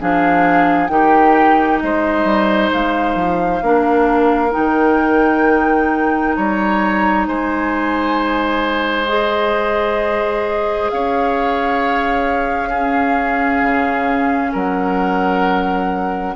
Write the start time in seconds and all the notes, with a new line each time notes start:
0.00 F3 D4 G#4 F5
0.87 D#3 D#4 G4 G5
1.80 G#3 C5 D#5
2.24 G3
2.72 G#3 F5
3.15 F3
3.62 A#3 D4 A#4
4.49 D#4 G5
4.56 D#3
6.35 G3 C#5 A#5
7.27 G#3 C5 G#5
9.08 G#4 D#5
10.89 C#4 C#5 F5
12.69 C#4 G#4
13.62 C#3
14.52 F#3 A#4 F#5